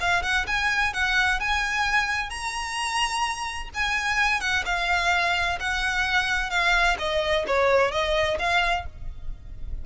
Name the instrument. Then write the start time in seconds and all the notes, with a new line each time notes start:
violin
0.00 F5
0.23 F#5
0.47 G#5
0.93 F#5
1.40 G#5
2.30 A#5
3.74 G#5
4.41 F#5
4.65 F5
5.60 F#5
6.50 F5
6.99 D#5
7.47 C#5
7.91 D#5
8.39 F5